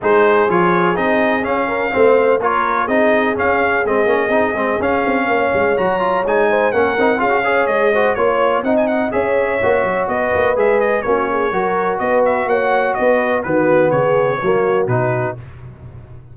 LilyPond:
<<
  \new Staff \with { instrumentName = "trumpet" } { \time 4/4 \tempo 4 = 125 c''4 cis''4 dis''4 f''4~ | f''4 cis''4 dis''4 f''4 | dis''2 f''2 | ais''4 gis''4 fis''4 f''4 |
dis''4 cis''4 fis''16 gis''16 fis''8 e''4~ | e''4 dis''4 e''8 dis''8 cis''4~ | cis''4 dis''8 e''8 fis''4 dis''4 | b'4 cis''2 b'4 | }
  \new Staff \with { instrumentName = "horn" } { \time 4/4 gis'2.~ gis'8 ais'8 | c''4 ais'4 gis'2~ | gis'2. cis''4~ | cis''4. c''8 ais'4 gis'8 cis''8~ |
cis''8 c''8 cis''4 dis''4 cis''4~ | cis''4 b'2 fis'8 gis'8 | ais'4 b'4 cis''4 b'4 | fis'4 gis'4 fis'2 | }
  \new Staff \with { instrumentName = "trombone" } { \time 4/4 dis'4 f'4 dis'4 cis'4 | c'4 f'4 dis'4 cis'4 | c'8 cis'8 dis'8 c'8 cis'2 | fis'8 f'8 dis'4 cis'8 dis'8 f'16 fis'16 gis'8~ |
gis'8 fis'8 f'4 dis'4 gis'4 | fis'2 gis'4 cis'4 | fis'1 | b2 ais4 dis'4 | }
  \new Staff \with { instrumentName = "tuba" } { \time 4/4 gis4 f4 c'4 cis'4 | a4 ais4 c'4 cis'4 | gis8 ais8 c'8 gis8 cis'8 c'8 ais8 gis8 | fis4 gis4 ais8 c'8 cis'4 |
gis4 ais4 c'4 cis'4 | ais8 fis8 b8 ais8 gis4 ais4 | fis4 b4 ais4 b4 | dis4 cis4 fis4 b,4 | }
>>